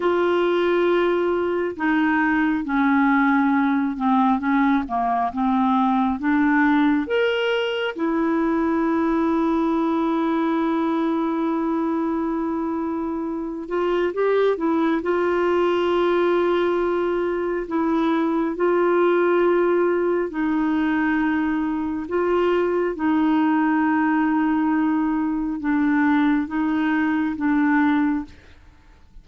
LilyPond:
\new Staff \with { instrumentName = "clarinet" } { \time 4/4 \tempo 4 = 68 f'2 dis'4 cis'4~ | cis'8 c'8 cis'8 ais8 c'4 d'4 | ais'4 e'2.~ | e'2.~ e'8 f'8 |
g'8 e'8 f'2. | e'4 f'2 dis'4~ | dis'4 f'4 dis'2~ | dis'4 d'4 dis'4 d'4 | }